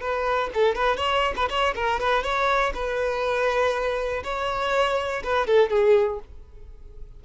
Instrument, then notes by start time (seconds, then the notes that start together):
violin
0.00 B4
0.53 A4
0.75 B4
0.96 C#5
1.36 B4
1.49 C#5
1.75 A#4
1.99 B4
2.23 C#5
2.74 B4
4.23 C#5
5.23 B4
5.46 A4
5.70 G#4